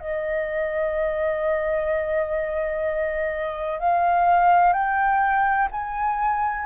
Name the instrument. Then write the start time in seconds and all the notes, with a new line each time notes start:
flute
0.00 D#5
3.80 F5
4.74 G5
5.72 G#5